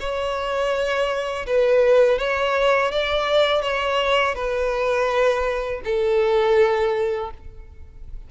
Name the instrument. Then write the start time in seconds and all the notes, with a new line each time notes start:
violin
0.00 C#5
1.47 B4
2.19 C#5
2.92 D5
3.63 C#5
4.35 B4
5.84 A4